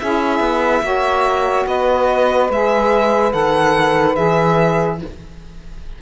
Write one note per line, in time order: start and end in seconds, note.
0.00 0.40 C#4
0.00 0.83 E4
0.00 0.84 G#4
0.00 1.67 E5
0.40 0.82 B3
0.82 1.66 A#3
0.82 2.49 F#4
0.82 1.66 C#5
1.66 2.50 B3
1.66 4.99 B4
1.66 2.51 D#5
2.50 3.33 G#3
2.50 3.32 G#4
2.50 3.33 E5
3.32 4.17 D#3
3.32 4.15 A4
3.32 4.16 F#5
4.15 5.02 E3
4.15 4.98 G#4
4.15 4.99 E5